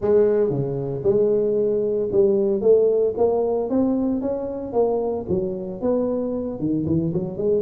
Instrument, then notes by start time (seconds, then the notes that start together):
tuba
0.01 G#3
0.50 C#3
1.03 G#3
2.11 G3
2.61 A3
3.17 A#3
3.69 C4
4.21 C#4
4.72 A#3
5.28 F#3
5.81 B3
6.59 D#3
6.86 E3
7.13 F#3
7.37 G#3